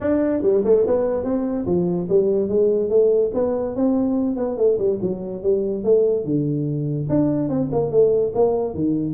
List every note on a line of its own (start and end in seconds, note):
0.01 0.42 D4
0.42 0.63 G3
0.64 0.85 A3
0.87 1.24 B3
1.24 1.65 C4
1.66 2.07 F3
2.09 2.48 G3
2.48 2.89 G#3
2.89 3.31 A3
3.34 3.75 B3
3.75 4.36 C4
4.36 4.57 B3
4.57 4.77 A3
4.78 4.99 G3
5.01 5.42 F#3
5.42 5.84 G3
5.84 6.24 A3
6.24 7.08 D3
7.09 7.49 D4
7.49 7.70 C4
7.72 7.91 A#3
7.91 8.32 A3
8.34 8.74 A#3
8.74 9.13 D#3